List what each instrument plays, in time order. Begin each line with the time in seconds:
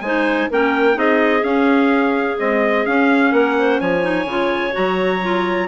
0.00 bassoon G#3, clarinet D#4 C5, trumpet G#5
0.50 bassoon A#3, clarinet C#4 A#4, trumpet G5
0.93 bassoon C4, clarinet D#4 G#4, trumpet D#5
1.42 bassoon C#4, clarinet C#4, trumpet F5
2.38 clarinet G#3, bassoon C4, trumpet D#5
2.85 clarinet C#4, bassoon C#4, trumpet F5
3.31 bassoon A#3, clarinet A#4, trumpet F#5
3.58 clarinet C5
3.79 bassoon F3, clarinet C#5, trumpet G#5
4.01 clarinet D#4
4.24 bassoon C#3, clarinet F4
4.71 bassoon F#3, clarinet F#4, trumpet A#5
5.22 clarinet F4